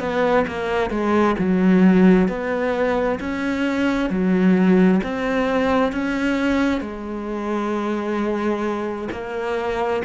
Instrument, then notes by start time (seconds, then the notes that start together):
cello
0.00 B3
0.48 A#3
0.90 G#3
1.39 F#3
2.29 B3
3.20 C#4
4.10 F#3
5.04 C4
5.93 C#4
6.81 G#3
9.12 A#3